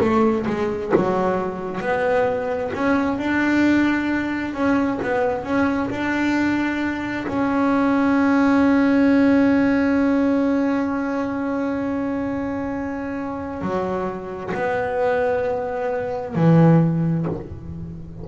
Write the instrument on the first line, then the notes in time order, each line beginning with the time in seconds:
double bass
0.00 A3
0.47 G#3
0.95 F#3
1.81 B3
2.74 C#4
3.18 D4
4.54 C#4
5.02 B3
5.44 C#4
5.90 D4
7.27 C#4
13.62 F#3
14.54 B3
16.35 E3